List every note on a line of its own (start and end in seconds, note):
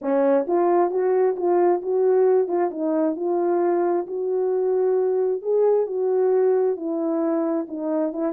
0.01 0.46 C#4
0.47 0.90 F4
0.90 1.35 F#4
1.36 1.81 F4
1.82 2.48 F#4
2.48 2.70 F4
2.70 3.15 D#4
3.16 4.06 F4
4.06 5.42 F#4
5.42 5.86 G#4
5.86 6.76 F#4
6.76 7.66 E4
7.68 8.12 D#4
8.12 8.32 E4